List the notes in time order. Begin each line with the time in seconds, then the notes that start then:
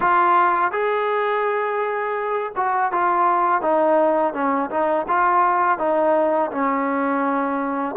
0.00 F4
0.71 G#4
2.56 F#4
2.91 F4
3.61 D#4
4.33 C#4
4.70 D#4
5.08 F4
5.78 D#4
6.51 C#4